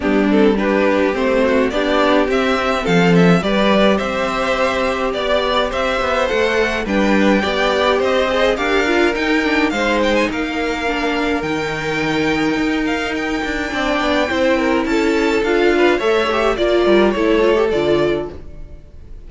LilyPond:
<<
  \new Staff \with { instrumentName = "violin" } { \time 4/4 \tempo 4 = 105 g'8 a'8 b'4 c''4 d''4 | e''4 f''8 e''8 d''4 e''4~ | e''4 d''4 e''4 fis''4 | g''2 dis''4 f''4 |
g''4 f''8 g''16 gis''16 f''2 | g''2~ g''8 f''8 g''4~ | g''2 a''4 f''4 | e''4 d''4 cis''4 d''4 | }
  \new Staff \with { instrumentName = "violin" } { \time 4/4 d'4 g'4. fis'8 g'4~ | g'4 a'4 b'4 c''4~ | c''4 d''4 c''2 | b'4 d''4 c''4 ais'4~ |
ais'4 c''4 ais'2~ | ais'1 | d''4 c''8 ais'8 a'4. b'8 | cis''4 d''8 ais'8 a'2 | }
  \new Staff \with { instrumentName = "viola" } { \time 4/4 b8 c'8 d'4 c'4 d'4 | c'2 g'2~ | g'2. a'4 | d'4 g'4. gis'8 g'8 f'8 |
dis'8 d'8 dis'2 d'4 | dis'1 | d'4 e'2 f'4 | a'8 g'8 f'4 e'8 f'16 g'16 f'4 | }
  \new Staff \with { instrumentName = "cello" } { \time 4/4 g2 a4 b4 | c'4 f4 g4 c'4~ | c'4 b4 c'8 b8 a4 | g4 b4 c'4 d'4 |
dis'4 gis4 ais2 | dis2 dis'4. d'8 | c'8 b8 c'4 cis'4 d'4 | a4 ais8 g8 a4 d4 | }
>>